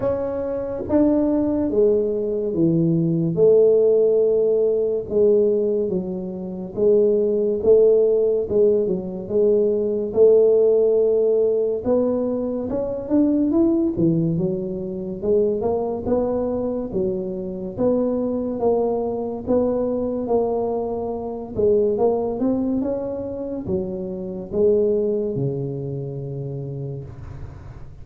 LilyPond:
\new Staff \with { instrumentName = "tuba" } { \time 4/4 \tempo 4 = 71 cis'4 d'4 gis4 e4 | a2 gis4 fis4 | gis4 a4 gis8 fis8 gis4 | a2 b4 cis'8 d'8 |
e'8 e8 fis4 gis8 ais8 b4 | fis4 b4 ais4 b4 | ais4. gis8 ais8 c'8 cis'4 | fis4 gis4 cis2 | }